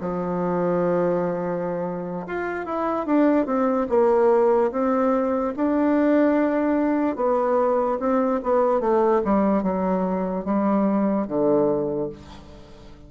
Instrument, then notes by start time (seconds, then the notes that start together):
bassoon
0.00 F3
2.26 F4
2.65 E4
3.06 D4
3.45 C4
3.89 A#3
4.71 C4
5.56 D4
7.15 B3
7.99 C4
8.42 B3
8.80 A3
9.24 G3
9.62 F#3
10.45 G3
11.27 D3